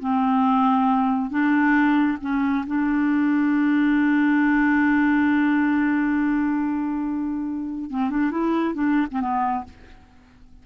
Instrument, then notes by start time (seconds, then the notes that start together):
clarinet
0.00 C4
1.30 D4
2.21 C#4
2.67 D4
7.91 C4
8.10 D4
8.31 E4
8.74 D4
9.12 C4
9.21 B3